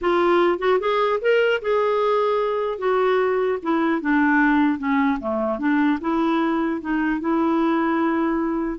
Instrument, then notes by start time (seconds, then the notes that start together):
clarinet
0.01 F4
0.59 F#4
0.79 G#4
1.21 A#4
1.61 G#4
2.78 F#4
3.62 E4
4.01 D4
4.78 C#4
5.20 A3
5.59 D4
6.00 E4
6.80 D#4
7.20 E4